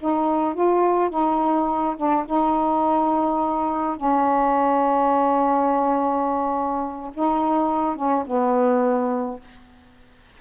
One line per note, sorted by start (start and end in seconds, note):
0.00 0.54 D#4
0.54 1.10 F4
1.10 1.96 D#4
1.97 2.25 D4
2.26 3.97 D#4
3.97 7.11 C#4
7.14 7.96 D#4
7.96 8.24 C#4
8.26 9.40 B3